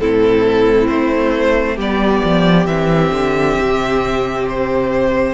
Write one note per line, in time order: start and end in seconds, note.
0.00 0.90 A2
0.00 1.79 C4
0.00 1.76 E4
0.00 0.88 A4
0.88 1.78 A3
0.88 1.77 C5
1.76 2.22 G3
1.76 2.68 B3
1.76 5.34 G4
1.76 2.66 D5
2.24 2.67 F3
2.66 3.11 E3
2.66 5.34 C4
2.66 4.46 E5
3.13 3.58 D3
3.60 5.34 C3
4.49 5.34 C5